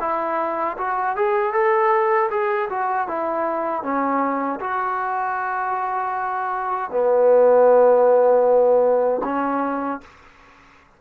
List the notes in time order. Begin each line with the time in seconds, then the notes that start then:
0.00 E4
0.78 F#4
1.16 G#4
1.53 A4
2.30 G#4
2.70 F#4
3.08 E4
3.83 C#4
4.60 F#4
6.91 B3
9.24 C#4